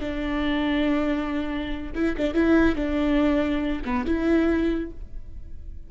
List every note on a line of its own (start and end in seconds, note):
0.00 1.91 D4
1.95 2.16 E4
2.17 2.34 D4
2.34 2.75 E4
2.75 3.82 D4
3.85 4.06 B3
4.06 4.91 E4